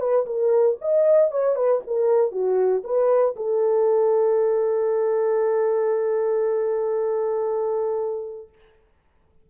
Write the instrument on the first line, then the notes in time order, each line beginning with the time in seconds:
horn
0.00 B4
0.26 A#4
0.81 D#5
1.31 C#5
1.56 B4
1.87 A#4
2.32 F#4
2.84 B4
3.36 A4